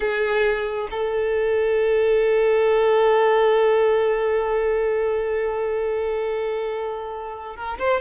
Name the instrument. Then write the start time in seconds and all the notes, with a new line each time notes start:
violin
0.00 G#4
0.91 A4
7.56 A#4
7.78 C5